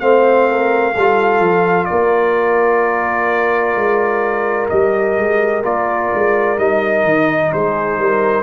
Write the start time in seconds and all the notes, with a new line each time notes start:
0.00 A3 C4 C5 F5
0.51 A#4
0.94 G3 F4 A4
1.40 F3
1.85 A#4 D5
1.91 A#3
3.76 G#3
4.69 G3 G4 D#5
5.17 G#3
5.64 A#3 F4 D5
6.14 G#3
6.58 G3 D#4 D#5
7.04 D#3
7.53 G#3 G#4 C5
7.99 G3 A#4